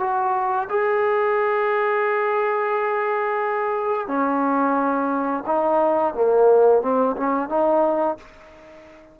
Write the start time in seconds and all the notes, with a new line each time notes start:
0.00 F#4
0.69 G#4
4.07 C#4
5.46 D#4
6.14 A#3
6.82 C4
7.17 C#4
7.49 D#4